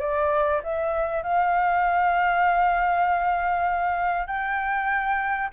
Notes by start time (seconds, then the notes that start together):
0.00 D5
0.63 E5
1.23 F5
4.27 G5